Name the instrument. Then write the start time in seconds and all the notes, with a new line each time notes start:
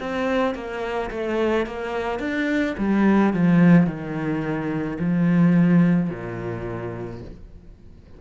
cello
0.00 C4
0.55 A#3
1.11 A3
1.67 A#3
2.20 D4
2.78 G3
3.34 F3
3.87 D#3
4.99 F3
6.10 A#2